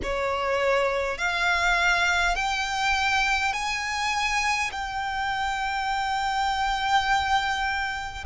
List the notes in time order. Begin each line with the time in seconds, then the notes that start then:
0.02 C#5
1.18 F5
2.35 G5
3.53 G#5
4.71 G5